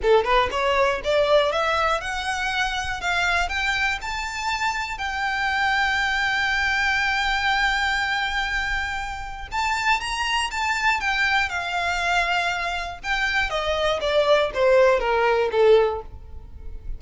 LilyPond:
\new Staff \with { instrumentName = "violin" } { \time 4/4 \tempo 4 = 120 a'8 b'8 cis''4 d''4 e''4 | fis''2 f''4 g''4 | a''2 g''2~ | g''1~ |
g''2. a''4 | ais''4 a''4 g''4 f''4~ | f''2 g''4 dis''4 | d''4 c''4 ais'4 a'4 | }